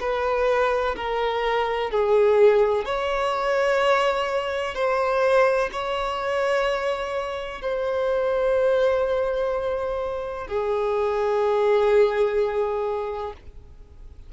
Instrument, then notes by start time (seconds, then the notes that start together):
violin
0.00 B4
0.96 A#4
1.90 G#4
2.85 C#5
4.74 C5
5.72 C#5
7.61 C5
10.47 G#4